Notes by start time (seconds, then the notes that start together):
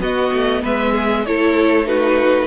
0.00 B3 F#4 D#5
0.33 A3
0.63 G#3 B4 E5
0.93 G#4
1.26 A3 E4 A4 C#5
1.86 D#4 F#4 B4